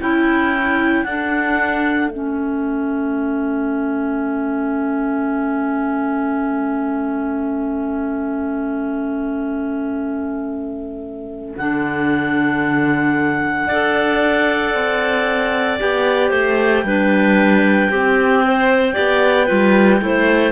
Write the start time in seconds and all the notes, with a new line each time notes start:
0.00 C#4 E4 G5
1.04 D4 A4 F#5
2.08 A3 C#4 E5
11.57 D3 D4 F#5
13.67 D4 A4 D5
14.74 C4
15.79 B3 G4 G5
16.30 A3 C5
16.84 G3 D4 B4
17.90 C4 G4
18.45 C5
18.94 B3 G4 D5
19.46 G3 F4 B4
20.00 A3 E4 C5